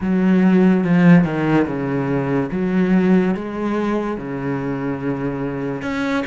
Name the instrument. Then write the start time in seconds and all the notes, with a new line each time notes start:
cello
0.00 F#3
0.83 F3
1.24 D#3
1.66 C#3
2.52 F#3
3.34 G#3
4.17 C#3
5.82 C#4